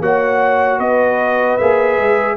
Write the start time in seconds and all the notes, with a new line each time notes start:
0.00 A#3 F#4 C#5 F#5
0.79 B3 B4 D#5
1.57 A#3 G#4 E5
1.99 G#3